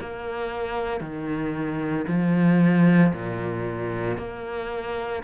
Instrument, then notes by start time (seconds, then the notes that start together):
cello
0.00 A#3
1.00 D#3
2.08 F3
3.13 A#2
4.17 A#3